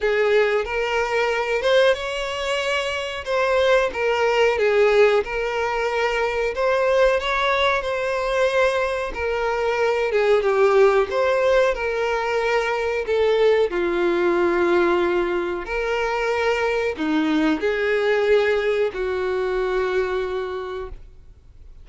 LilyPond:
\new Staff \with { instrumentName = "violin" } { \time 4/4 \tempo 4 = 92 gis'4 ais'4. c''8 cis''4~ | cis''4 c''4 ais'4 gis'4 | ais'2 c''4 cis''4 | c''2 ais'4. gis'8 |
g'4 c''4 ais'2 | a'4 f'2. | ais'2 dis'4 gis'4~ | gis'4 fis'2. | }